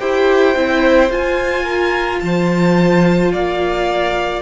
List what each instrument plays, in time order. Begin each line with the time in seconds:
0.00 cello E4, viola G4, violin C5 G5
0.55 cello C4, viola E4
1.10 cello F4, viola F4, violin G#5
1.63 violin A#4
2.20 cello F3, violin C5 A5
3.32 cello A#3, violin D5 F5